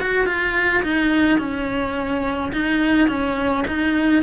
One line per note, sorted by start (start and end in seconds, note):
0.00 0.27 F#4
0.27 0.83 F4
0.83 1.39 D#4
1.39 2.52 C#4
2.53 3.08 D#4
3.08 3.65 C#4
3.68 4.23 D#4